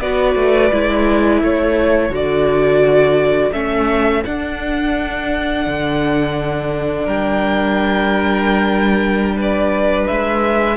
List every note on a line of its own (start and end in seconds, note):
0.00 0.35 B3
0.00 0.72 F#4
0.00 1.44 B4
0.00 1.41 D5
0.35 0.70 A3
0.72 1.42 G#3
0.72 2.11 E4
1.42 2.09 A3
1.42 7.05 A4
1.42 2.14 C#5
2.09 3.51 D3
2.09 3.52 F#4
2.09 3.52 D5
3.52 4.23 A3
3.52 4.23 C#4
3.52 4.23 E5
4.25 10.76 D4
4.25 5.66 D4
4.25 7.07 F#5
5.66 7.06 D3
7.05 10.06 G3
7.05 9.35 A#4
7.05 9.37 G5
9.35 10.76 B4
9.35 10.07 D5
10.07 10.76 G#3
10.07 10.76 E5